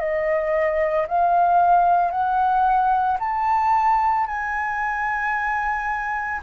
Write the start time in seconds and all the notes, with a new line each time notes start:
0.00 D#5
1.08 F5
2.11 F#5
3.20 A5
4.27 G#5